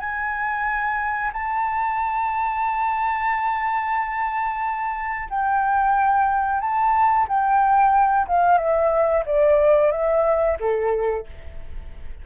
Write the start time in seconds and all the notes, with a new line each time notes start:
0.00 G#5
1.33 A5
5.30 G5
6.61 A5
7.29 G5
8.27 F5
8.58 E5
9.26 D5
9.92 E5
10.60 A4